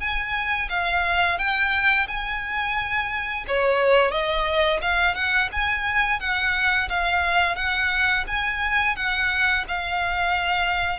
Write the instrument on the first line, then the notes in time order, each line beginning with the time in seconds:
violin
0.00 G#5
0.70 F5
1.39 G5
2.08 G#5
3.48 C#5
4.11 D#5
4.82 F5
5.15 F#5
5.52 G#5
6.20 F#5
6.90 F5
7.56 F#5
8.28 G#5
8.96 F#5
9.68 F5